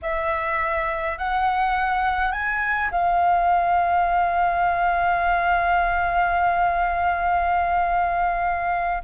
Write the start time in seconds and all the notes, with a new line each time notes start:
0.02 E5
1.18 F#5
2.31 G#5
2.91 F5